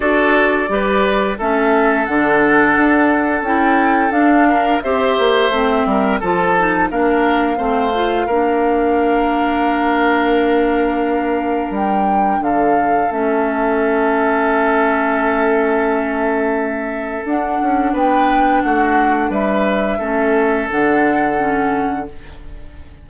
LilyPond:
<<
  \new Staff \with { instrumentName = "flute" } { \time 4/4 \tempo 4 = 87 d''2 e''4 fis''4~ | fis''4 g''4 f''4 e''4~ | e''4 a''4 f''2~ | f''1~ |
f''4 g''4 f''4 e''4~ | e''1~ | e''4 fis''4 g''4 fis''4 | e''2 fis''2 | }
  \new Staff \with { instrumentName = "oboe" } { \time 4/4 a'4 b'4 a'2~ | a'2~ a'8 ais'8 c''4~ | c''8 ais'8 a'4 ais'4 c''4 | ais'1~ |
ais'2 a'2~ | a'1~ | a'2 b'4 fis'4 | b'4 a'2. | }
  \new Staff \with { instrumentName = "clarinet" } { \time 4/4 fis'4 g'4 cis'4 d'4~ | d'4 e'4 d'4 g'4 | c'4 f'8 dis'8 d'4 c'8 f'8 | d'1~ |
d'2. cis'4~ | cis'1~ | cis'4 d'2.~ | d'4 cis'4 d'4 cis'4 | }
  \new Staff \with { instrumentName = "bassoon" } { \time 4/4 d'4 g4 a4 d4 | d'4 cis'4 d'4 c'8 ais8 | a8 g8 f4 ais4 a4 | ais1~ |
ais4 g4 d4 a4~ | a1~ | a4 d'8 cis'8 b4 a4 | g4 a4 d2 | }
>>